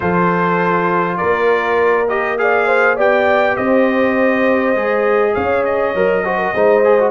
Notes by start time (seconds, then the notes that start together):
0.00 F3 F4 A4 C5
1.17 A#3 A#4 D5
2.08 G4 D#5
2.38 G#4 D5 F5
2.66 C5
2.95 B3 G4 D5 G5
3.56 C4 C5 D#5
4.75 G#3 G#4
5.34 C#4 C#5 F5
5.64 D#5
5.94 F#3 A#4
6.24 F#4 C5
6.37 A#4
6.54 G#3 D#4 C5
6.84 G#4
6.99 F#4